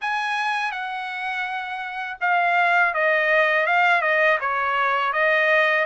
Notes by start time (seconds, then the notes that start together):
0.01 G#5
0.71 F#5
2.21 F5
2.93 D#5
3.66 F5
4.01 D#5
4.40 C#5
5.12 D#5